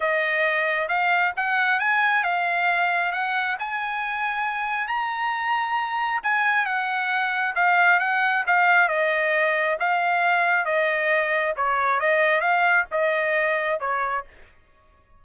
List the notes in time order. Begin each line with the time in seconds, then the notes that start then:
0.00 D#5
0.88 F5
1.36 F#5
1.79 G#5
2.23 F5
3.12 F#5
3.59 G#5
4.87 A#5
6.23 G#5
6.65 F#5
7.55 F5
7.99 F#5
8.46 F5
8.88 D#5
9.79 F5
10.65 D#5
11.56 C#5
12.00 D#5
12.40 F5
12.91 D#5
13.79 C#5